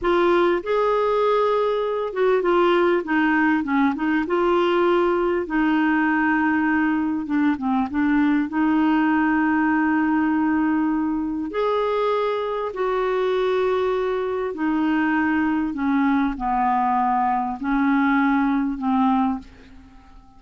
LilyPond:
\new Staff \with { instrumentName = "clarinet" } { \time 4/4 \tempo 4 = 99 f'4 gis'2~ gis'8 fis'8 | f'4 dis'4 cis'8 dis'8 f'4~ | f'4 dis'2. | d'8 c'8 d'4 dis'2~ |
dis'2. gis'4~ | gis'4 fis'2. | dis'2 cis'4 b4~ | b4 cis'2 c'4 | }